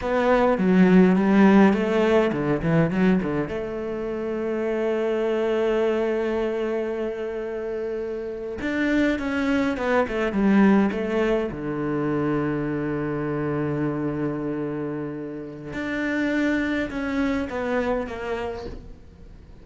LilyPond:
\new Staff \with { instrumentName = "cello" } { \time 4/4 \tempo 4 = 103 b4 fis4 g4 a4 | d8 e8 fis8 d8 a2~ | a1~ | a2~ a8. d'4 cis'16~ |
cis'8. b8 a8 g4 a4 d16~ | d1~ | d2. d'4~ | d'4 cis'4 b4 ais4 | }